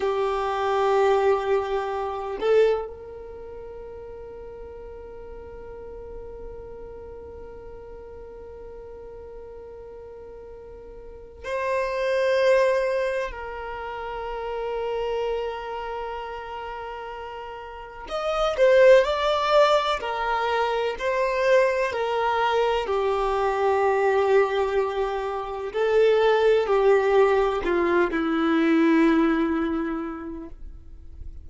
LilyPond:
\new Staff \with { instrumentName = "violin" } { \time 4/4 \tempo 4 = 63 g'2~ g'8 a'8 ais'4~ | ais'1~ | ais'1 | c''2 ais'2~ |
ais'2. dis''8 c''8 | d''4 ais'4 c''4 ais'4 | g'2. a'4 | g'4 f'8 e'2~ e'8 | }